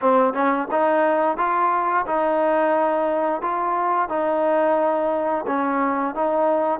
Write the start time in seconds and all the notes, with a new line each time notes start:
0.01 C4
0.33 C#4
0.71 D#4
1.37 F4
2.06 D#4
3.41 F4
4.08 D#4
5.47 C#4
6.14 D#4